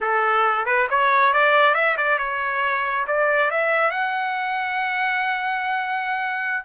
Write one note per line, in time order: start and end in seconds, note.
0.00 0.65 A4
0.65 0.87 B4
0.90 1.33 C#5
1.33 1.74 D5
1.74 1.96 E5
1.97 2.18 D5
2.18 3.06 C#5
3.07 3.50 D5
3.50 3.91 E5
3.91 6.64 F#5